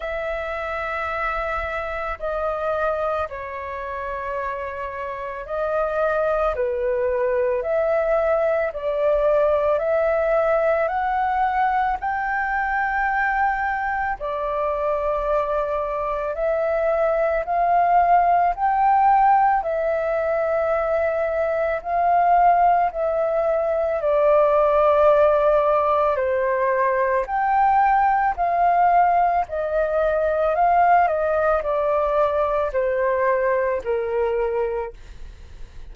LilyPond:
\new Staff \with { instrumentName = "flute" } { \time 4/4 \tempo 4 = 55 e''2 dis''4 cis''4~ | cis''4 dis''4 b'4 e''4 | d''4 e''4 fis''4 g''4~ | g''4 d''2 e''4 |
f''4 g''4 e''2 | f''4 e''4 d''2 | c''4 g''4 f''4 dis''4 | f''8 dis''8 d''4 c''4 ais'4 | }